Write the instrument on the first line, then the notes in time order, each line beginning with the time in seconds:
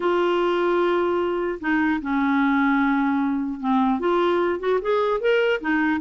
clarinet
0.00 F4
1.60 D#4
2.01 C#4
3.59 C4
3.99 F4
4.59 F#4
4.81 G#4
5.20 A#4
5.60 D#4